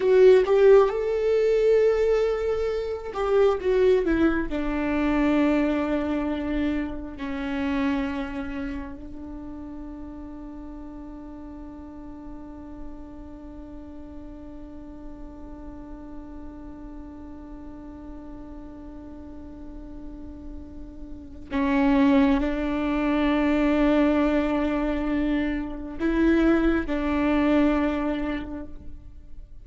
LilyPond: \new Staff \with { instrumentName = "viola" } { \time 4/4 \tempo 4 = 67 fis'8 g'8 a'2~ a'8 g'8 | fis'8 e'8 d'2. | cis'2 d'2~ | d'1~ |
d'1~ | d'1 | cis'4 d'2.~ | d'4 e'4 d'2 | }